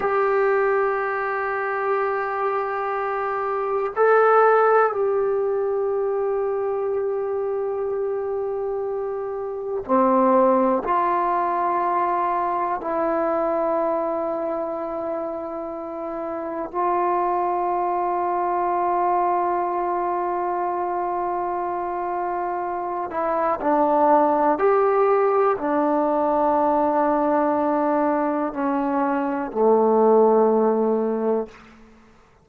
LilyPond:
\new Staff \with { instrumentName = "trombone" } { \time 4/4 \tempo 4 = 61 g'1 | a'4 g'2.~ | g'2 c'4 f'4~ | f'4 e'2.~ |
e'4 f'2.~ | f'2.~ f'8 e'8 | d'4 g'4 d'2~ | d'4 cis'4 a2 | }